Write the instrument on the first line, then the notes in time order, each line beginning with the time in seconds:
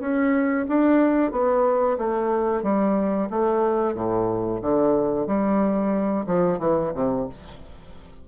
bassoon
0.00 C#4
0.69 D4
1.32 B3
1.98 A3
2.63 G3
3.30 A3
3.94 A2
4.62 D3
5.27 G3
6.27 F3
6.59 E3
6.95 C3